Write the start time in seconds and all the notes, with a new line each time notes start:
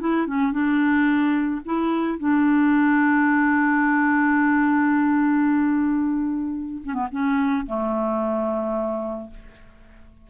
0.00 E4
0.27 C#4
0.52 D4
1.65 E4
2.18 D4
6.85 C#4
6.94 B3
7.11 C#4
7.66 A3